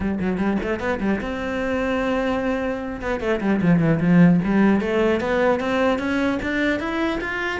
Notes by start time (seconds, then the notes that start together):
0.00 G3
0.20 F#3
0.37 G3
0.62 A3
0.79 B3
1.00 G3
1.20 C4
3.01 B3
3.20 A3
3.41 G3
3.61 F3
3.79 E3
4.00 F3
4.44 G3
4.80 A3
5.20 B3
5.60 C4
5.98 C#4
6.42 D4
6.79 E4
7.21 F4